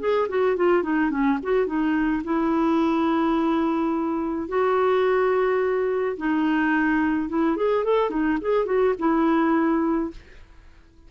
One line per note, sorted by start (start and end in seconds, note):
0.00 0.28 G#4
0.29 0.57 F#4
0.57 0.83 F4
0.83 1.10 D#4
1.10 1.38 C#4
1.43 1.66 F#4
1.66 2.23 D#4
2.24 4.48 E4
4.49 6.17 F#4
6.17 7.29 D#4
7.29 7.56 E4
7.56 7.85 G#4
7.85 8.10 A4
8.10 8.38 D#4
8.41 8.66 G#4
8.66 8.94 F#4
8.99 10.11 E4